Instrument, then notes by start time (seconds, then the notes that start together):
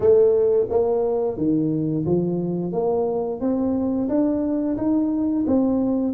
tuba
0.00 A3
0.69 A#3
1.37 D#3
2.05 F3
2.72 A#3
3.40 C4
4.08 D4
4.77 D#4
5.47 C4